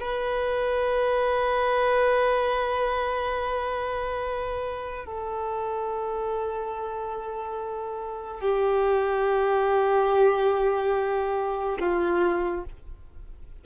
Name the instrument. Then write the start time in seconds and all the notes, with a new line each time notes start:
violin
0.00 B4
5.05 A4
8.40 G4
11.80 F4